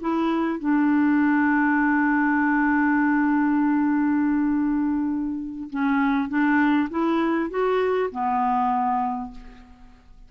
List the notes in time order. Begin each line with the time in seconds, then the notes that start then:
0.00 E4
0.59 D4
5.70 C#4
6.28 D4
6.90 E4
7.49 F#4
8.11 B3